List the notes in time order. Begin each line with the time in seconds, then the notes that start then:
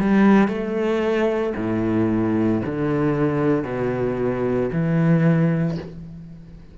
0.00 G3
0.48 A3
1.56 A2
2.66 D3
3.65 B2
4.73 E3